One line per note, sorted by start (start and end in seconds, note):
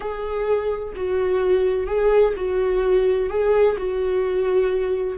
0.00 0.93 G#4
0.96 1.86 F#4
1.86 2.33 G#4
2.36 3.29 F#4
3.29 3.76 G#4
3.77 5.17 F#4